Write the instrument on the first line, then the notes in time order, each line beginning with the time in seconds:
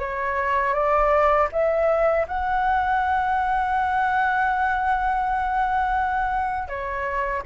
flute
0.00 C#5
0.74 D5
1.53 E5
2.28 F#5
6.69 C#5